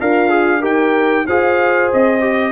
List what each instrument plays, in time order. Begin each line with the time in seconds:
0.00 tuba D4, horn F4, trombone A#4, trumpet F5
0.29 trombone G#4
0.60 tuba D#4, trombone G4, horn A#4, trumpet G5
1.26 tuba F4, trombone G#4, horn C5, trumpet F5
1.93 tuba C4, trumpet D#5
2.20 trombone G4